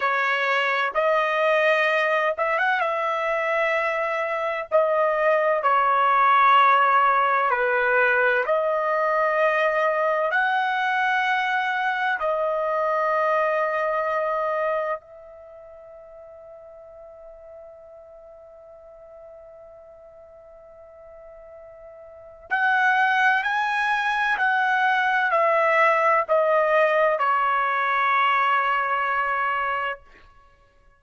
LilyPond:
\new Staff \with { instrumentName = "trumpet" } { \time 4/4 \tempo 4 = 64 cis''4 dis''4. e''16 fis''16 e''4~ | e''4 dis''4 cis''2 | b'4 dis''2 fis''4~ | fis''4 dis''2. |
e''1~ | e''1 | fis''4 gis''4 fis''4 e''4 | dis''4 cis''2. | }